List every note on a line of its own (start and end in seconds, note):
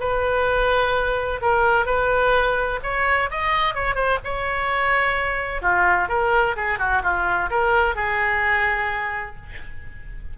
0.00 1.41 B4
1.42 1.86 A#4
1.86 2.80 B4
2.83 3.30 C#5
3.31 3.75 D#5
3.75 3.95 C#5
3.95 4.18 C5
4.24 5.62 C#5
5.62 6.09 F4
6.09 6.56 A#4
6.56 6.79 G#4
6.79 7.02 F#4
7.03 7.50 F4
7.50 7.95 A#4
7.95 9.36 G#4